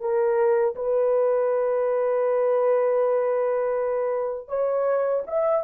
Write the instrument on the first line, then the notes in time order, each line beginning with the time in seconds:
horn
0.00 A#4
0.75 B4
4.48 C#5
5.27 E5